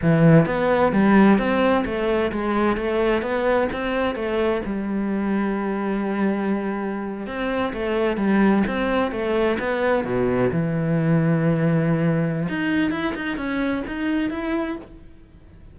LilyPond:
\new Staff \with { instrumentName = "cello" } { \time 4/4 \tempo 4 = 130 e4 b4 g4 c'4 | a4 gis4 a4 b4 | c'4 a4 g2~ | g2.~ g8. c'16~ |
c'8. a4 g4 c'4 a16~ | a8. b4 b,4 e4~ e16~ | e2. dis'4 | e'8 dis'8 cis'4 dis'4 e'4 | }